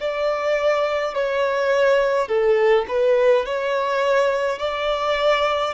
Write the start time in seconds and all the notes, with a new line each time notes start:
0.00 D5
1.15 C#5
2.28 A4
2.88 B4
3.46 C#5
4.59 D5